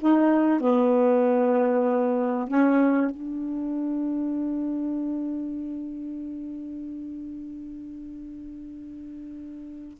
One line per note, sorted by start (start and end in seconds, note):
0.00 0.60 D#4
0.60 2.48 B3
2.48 3.10 C#4
3.10 9.98 D4